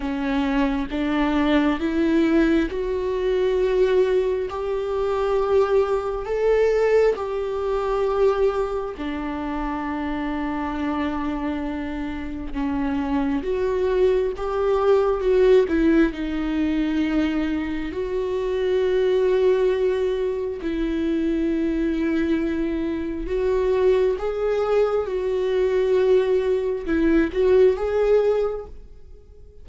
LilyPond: \new Staff \with { instrumentName = "viola" } { \time 4/4 \tempo 4 = 67 cis'4 d'4 e'4 fis'4~ | fis'4 g'2 a'4 | g'2 d'2~ | d'2 cis'4 fis'4 |
g'4 fis'8 e'8 dis'2 | fis'2. e'4~ | e'2 fis'4 gis'4 | fis'2 e'8 fis'8 gis'4 | }